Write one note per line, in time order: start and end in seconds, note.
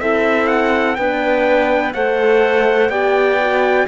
0.00 0.97 C4
0.00 0.97 E4
0.00 0.97 A4
0.00 0.47 E5
0.47 0.95 F#5
0.95 1.94 B3
0.95 1.94 D4
0.95 1.94 B4
0.95 1.92 G5
1.93 2.89 A3
1.93 2.91 A4
1.93 2.91 C5
1.93 2.90 F#5
2.89 3.86 B3
2.89 3.39 G4
2.89 3.87 D5
2.89 3.86 G5
3.40 3.87 F#4